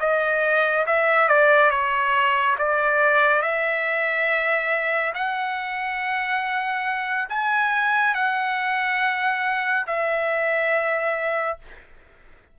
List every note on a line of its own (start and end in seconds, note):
0.00 0.86 D#5
0.86 1.29 E5
1.29 1.70 D5
1.70 2.56 C#5
2.58 3.42 D5
3.42 5.13 E5
5.14 7.29 F#5
7.29 8.14 G#5
8.14 9.86 F#5
9.87 11.58 E5